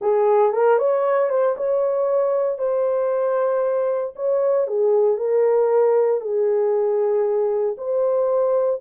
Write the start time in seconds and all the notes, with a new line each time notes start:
0.01 G#4
0.52 A#4
0.78 C#5
1.29 C5
1.57 C#5
2.58 C5
4.15 C#5
4.67 G#4
5.17 A#4
6.21 G#4
7.77 C5